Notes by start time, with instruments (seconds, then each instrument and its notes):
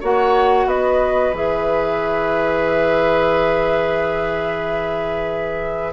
0.00 bassoon A#3, clarinet F#4, oboe C#5, flute F#5
0.66 bassoon B3, oboe B4, flute D#5
1.32 bassoon E3, clarinet G#4, flute E5